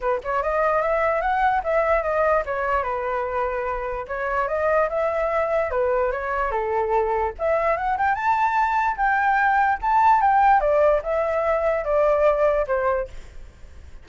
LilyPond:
\new Staff \with { instrumentName = "flute" } { \time 4/4 \tempo 4 = 147 b'8 cis''8 dis''4 e''4 fis''4 | e''4 dis''4 cis''4 b'4~ | b'2 cis''4 dis''4 | e''2 b'4 cis''4 |
a'2 e''4 fis''8 g''8 | a''2 g''2 | a''4 g''4 d''4 e''4~ | e''4 d''2 c''4 | }